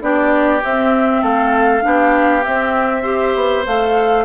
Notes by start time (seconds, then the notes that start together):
0.00 B3 D4 G4 D5
0.63 C4 E5
1.22 A3 A4 F5
1.81 B3 D4 G4
2.44 C4 E5
3.02 G4 C5
3.35 B3
3.66 A3 A4 F5